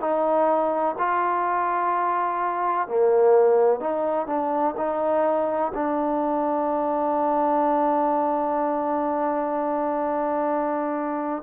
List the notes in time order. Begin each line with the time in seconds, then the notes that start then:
0.00 D#4
0.98 F4
2.88 A#3
3.80 D#4
4.27 D4
4.77 D#4
5.74 D4